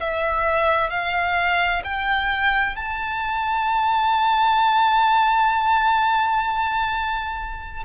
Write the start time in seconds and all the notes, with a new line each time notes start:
0.00 E5
0.90 F5
1.84 G5
2.76 A5